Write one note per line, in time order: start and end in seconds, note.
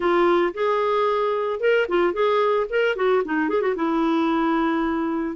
0.00 0.53 F4
0.54 1.60 G#4
1.60 1.87 A#4
1.88 2.13 F4
2.13 2.66 G#4
2.69 2.96 A#4
2.96 3.22 F#4
3.24 3.49 D#4
3.49 3.61 G#4
3.61 3.75 F#4
3.75 5.36 E4